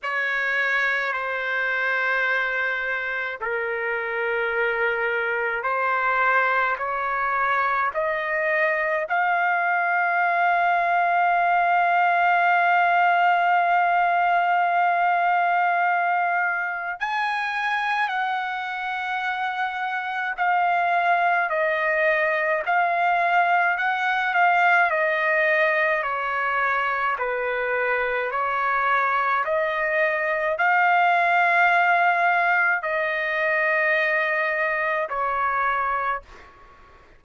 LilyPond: \new Staff \with { instrumentName = "trumpet" } { \time 4/4 \tempo 4 = 53 cis''4 c''2 ais'4~ | ais'4 c''4 cis''4 dis''4 | f''1~ | f''2. gis''4 |
fis''2 f''4 dis''4 | f''4 fis''8 f''8 dis''4 cis''4 | b'4 cis''4 dis''4 f''4~ | f''4 dis''2 cis''4 | }